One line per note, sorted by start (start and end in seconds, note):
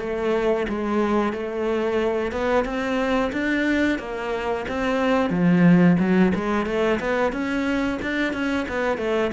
0.00 0.67 A3
0.69 1.33 G#3
1.33 2.32 A3
2.32 2.65 B3
2.65 3.32 C4
3.33 3.99 D4
3.99 4.65 A#3
4.69 5.30 C4
5.30 5.97 F3
5.99 6.33 F#3
6.35 6.66 G#3
6.66 7.00 A3
7.00 7.32 B3
7.32 7.99 C#4
8.02 8.33 D4
8.33 8.67 C#4
8.69 8.98 B3
8.98 9.32 A3